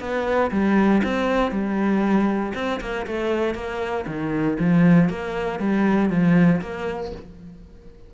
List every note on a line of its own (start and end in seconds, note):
0.00 0.51 B3
0.51 1.02 G3
1.04 1.52 C4
1.52 2.54 G3
2.55 2.81 C4
2.81 3.06 A#3
3.07 3.55 A3
3.55 4.06 A#3
4.07 4.58 D#3
4.60 5.10 F3
5.10 5.60 A#3
5.60 6.10 G3
6.10 6.61 F3
6.61 7.12 A#3